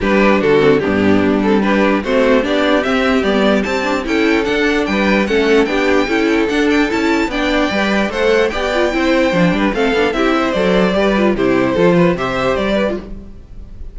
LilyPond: <<
  \new Staff \with { instrumentName = "violin" } { \time 4/4 \tempo 4 = 148 b'4 a'4 g'4. a'8 | b'4 c''4 d''4 e''4 | d''4 a''4 g''4 fis''4 | g''4 fis''4 g''2 |
fis''8 g''8 a''4 g''2 | fis''4 g''2. | f''4 e''4 d''2 | c''2 e''4 d''4 | }
  \new Staff \with { instrumentName = "violin" } { \time 4/4 g'4 fis'4 d'2 | g'4 fis'4 g'2~ | g'2 a'2 | b'4 a'4 g'4 a'4~ |
a'2 d''2 | c''4 d''4 c''4. b'8 | a'4 g'8 c''4. b'4 | g'4 a'8 b'8 c''4. b'8 | }
  \new Staff \with { instrumentName = "viola" } { \time 4/4 d'4. c'8 b4. c'8 | d'4 c'4 d'4 c'4 | b4 c'8 d'8 e'4 d'4~ | d'4 cis'4 d'4 e'4 |
d'4 e'4 d'4 b'4 | a'4 g'8 f'8 e'4 d'4 | c'8 d'8 e'4 a'4 g'8 f'8 | e'4 f'4 g'4.~ g'16 f'16 | }
  \new Staff \with { instrumentName = "cello" } { \time 4/4 g4 d4 g,4 g4~ | g4 a4 b4 c'4 | g4 c'4 cis'4 d'4 | g4 a4 b4 cis'4 |
d'4 cis'4 b4 g4 | a4 b4 c'4 f8 g8 | a8 b8 c'4 fis4 g4 | c4 f4 c4 g4 | }
>>